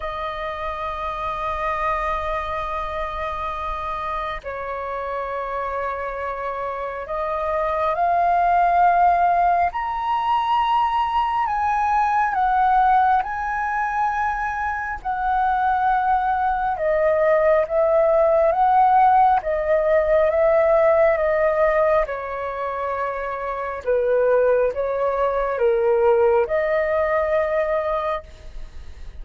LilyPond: \new Staff \with { instrumentName = "flute" } { \time 4/4 \tempo 4 = 68 dis''1~ | dis''4 cis''2. | dis''4 f''2 ais''4~ | ais''4 gis''4 fis''4 gis''4~ |
gis''4 fis''2 dis''4 | e''4 fis''4 dis''4 e''4 | dis''4 cis''2 b'4 | cis''4 ais'4 dis''2 | }